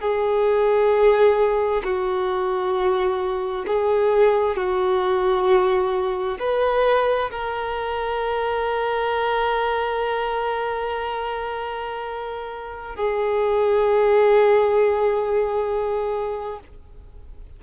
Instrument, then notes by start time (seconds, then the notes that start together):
violin
0.00 G#4
1.83 F#4
3.67 G#4
4.56 F#4
6.39 B4
7.31 A#4
12.95 G#4